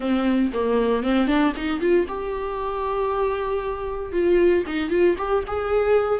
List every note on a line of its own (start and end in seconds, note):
0.00 0.51 C4
0.53 1.03 A#3
1.03 1.27 C4
1.27 1.53 D4
1.56 1.80 D#4
1.80 2.06 F4
2.07 4.12 G4
4.12 4.64 F4
4.66 4.89 D#4
4.89 5.15 F4
5.18 5.44 G4
5.47 6.19 G#4